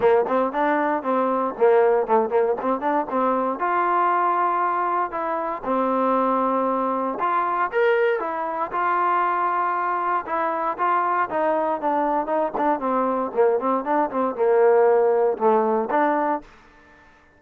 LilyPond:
\new Staff \with { instrumentName = "trombone" } { \time 4/4 \tempo 4 = 117 ais8 c'8 d'4 c'4 ais4 | a8 ais8 c'8 d'8 c'4 f'4~ | f'2 e'4 c'4~ | c'2 f'4 ais'4 |
e'4 f'2. | e'4 f'4 dis'4 d'4 | dis'8 d'8 c'4 ais8 c'8 d'8 c'8 | ais2 a4 d'4 | }